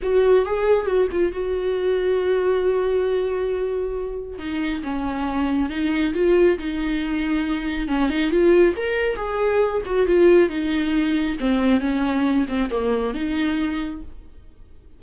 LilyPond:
\new Staff \with { instrumentName = "viola" } { \time 4/4 \tempo 4 = 137 fis'4 gis'4 fis'8 f'8 fis'4~ | fis'1~ | fis'2 dis'4 cis'4~ | cis'4 dis'4 f'4 dis'4~ |
dis'2 cis'8 dis'8 f'4 | ais'4 gis'4. fis'8 f'4 | dis'2 c'4 cis'4~ | cis'8 c'8 ais4 dis'2 | }